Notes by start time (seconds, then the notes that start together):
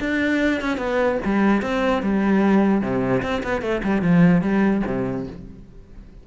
0.00 D4
0.61 C#4
0.78 B3
1.25 G3
1.62 C4
2.02 G3
2.81 C3
3.22 C4
3.43 B3
3.61 A3
3.83 G3
4.02 F3
4.41 G3
4.86 C3